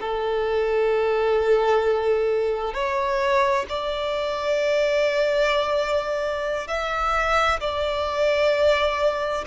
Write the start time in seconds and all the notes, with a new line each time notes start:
0.00 A4
2.74 C#5
3.69 D5
6.67 E5
7.60 D5